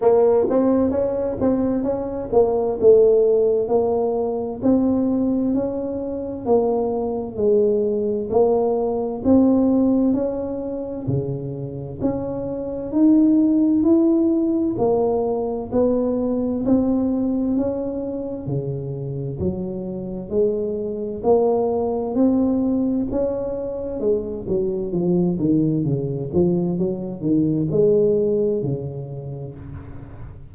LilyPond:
\new Staff \with { instrumentName = "tuba" } { \time 4/4 \tempo 4 = 65 ais8 c'8 cis'8 c'8 cis'8 ais8 a4 | ais4 c'4 cis'4 ais4 | gis4 ais4 c'4 cis'4 | cis4 cis'4 dis'4 e'4 |
ais4 b4 c'4 cis'4 | cis4 fis4 gis4 ais4 | c'4 cis'4 gis8 fis8 f8 dis8 | cis8 f8 fis8 dis8 gis4 cis4 | }